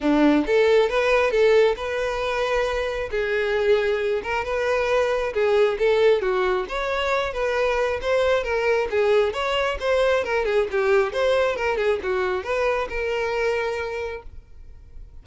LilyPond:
\new Staff \with { instrumentName = "violin" } { \time 4/4 \tempo 4 = 135 d'4 a'4 b'4 a'4 | b'2. gis'4~ | gis'4. ais'8 b'2 | gis'4 a'4 fis'4 cis''4~ |
cis''8 b'4. c''4 ais'4 | gis'4 cis''4 c''4 ais'8 gis'8 | g'4 c''4 ais'8 gis'8 fis'4 | b'4 ais'2. | }